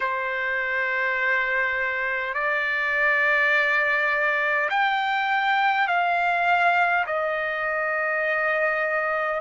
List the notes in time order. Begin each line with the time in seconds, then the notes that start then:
0.00 C5
2.34 D5
4.70 G5
5.87 F5
7.06 D#5